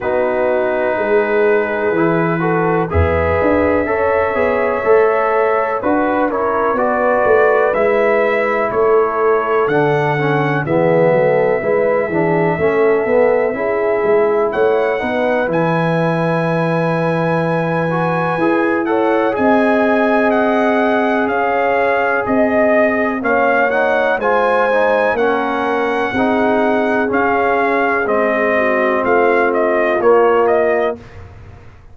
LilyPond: <<
  \new Staff \with { instrumentName = "trumpet" } { \time 4/4 \tempo 4 = 62 b'2. e''4~ | e''2 b'8 cis''8 d''4 | e''4 cis''4 fis''4 e''4~ | e''2. fis''4 |
gis''2.~ gis''8 fis''8 | gis''4 fis''4 f''4 dis''4 | f''8 fis''8 gis''4 fis''2 | f''4 dis''4 f''8 dis''8 cis''8 dis''8 | }
  \new Staff \with { instrumentName = "horn" } { \time 4/4 fis'4 gis'4. a'8 b'4 | cis''2 b'8 ais'8 b'4~ | b'4 a'2 gis'8 a'8 | b'8 gis'8 a'4 gis'4 cis''8 b'8~ |
b'2.~ b'8 cis''8 | dis''2 cis''4 dis''4 | cis''4 c''4 ais'4 gis'4~ | gis'4. fis'8 f'2 | }
  \new Staff \with { instrumentName = "trombone" } { \time 4/4 dis'2 e'8 fis'8 gis'4 | a'8 gis'8 a'4 fis'8 e'8 fis'4 | e'2 d'8 cis'8 b4 | e'8 d'8 cis'8 b8 e'4. dis'8 |
e'2~ e'8 fis'8 gis'8 a'8 | gis'1 | cis'8 dis'8 f'8 dis'8 cis'4 dis'4 | cis'4 c'2 ais4 | }
  \new Staff \with { instrumentName = "tuba" } { \time 4/4 b4 gis4 e4 e,8 d'8 | cis'8 b8 a4 d'8 cis'8 b8 a8 | gis4 a4 d4 e8 fis8 | gis8 e8 a8 b8 cis'8 gis8 a8 b8 |
e2. e'4 | c'2 cis'4 c'4 | ais4 gis4 ais4 c'4 | cis'4 gis4 a4 ais4 | }
>>